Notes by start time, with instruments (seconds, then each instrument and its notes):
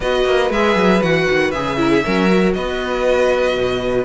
0.00 cello B3, viola F#4, violin B4 D#5
0.25 cello A#3
0.50 cello G#3, viola G#4, violin E5
0.75 cello F#3
1.01 cello E3, viola F#4, violin F#5
1.28 cello D#3
1.51 cello C#3, viola G#4, violin E5
1.77 viola E4, violin A#4
1.90 violin G#4
2.04 cello F#3, viola C#4, violin A#4
2.28 viola F#4
2.53 cello B3, violin B4 D#5
3.56 cello B2